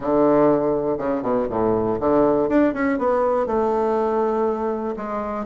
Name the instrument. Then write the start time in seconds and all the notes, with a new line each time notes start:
bassoon
0.00 D3
0.98 C#3
1.22 B2
1.49 A2
2.00 D3
2.48 D4
2.73 C#4
2.98 B3
3.46 A3
4.96 G#3